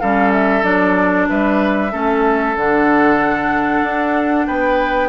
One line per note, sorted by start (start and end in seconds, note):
0.00 0.64 G3
0.00 0.63 C#4
0.00 1.28 A4
0.00 0.32 F5
0.32 0.64 E5
0.63 1.27 F#3
0.63 1.91 D4
0.63 1.28 D5
1.29 1.93 G3
1.29 1.92 B4
1.29 2.57 E5
1.91 2.56 A3
1.91 2.55 C#4
1.91 4.47 A4
2.56 3.82 D3
2.56 5.09 D4
2.56 4.47 F#5
3.82 4.46 D4
4.47 5.09 B3
4.47 5.09 B4
4.47 5.09 G5